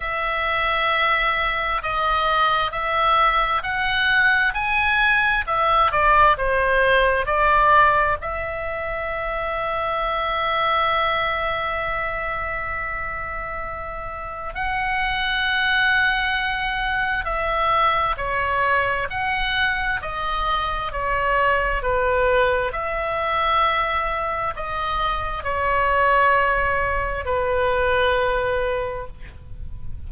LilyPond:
\new Staff \with { instrumentName = "oboe" } { \time 4/4 \tempo 4 = 66 e''2 dis''4 e''4 | fis''4 gis''4 e''8 d''8 c''4 | d''4 e''2.~ | e''1 |
fis''2. e''4 | cis''4 fis''4 dis''4 cis''4 | b'4 e''2 dis''4 | cis''2 b'2 | }